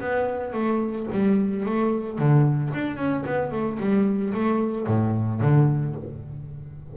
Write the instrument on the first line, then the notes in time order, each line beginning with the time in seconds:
double bass
0.00 B3
0.53 A3
1.12 G3
1.66 A3
2.19 D3
2.74 D4
2.97 C#4
3.26 B3
3.52 A3
3.80 G3
4.34 A3
4.87 A2
5.41 D3